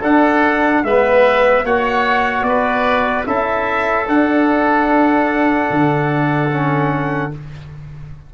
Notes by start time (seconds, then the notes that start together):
0.00 D4 A4 F#5
0.83 G#3 B3 B4 E5
1.64 A#3 F#4 C#5 F#5
2.42 B3 B4 D5
3.25 C#4 E4 A4 E5
4.06 D4 F#5
5.70 D3
6.50 C#4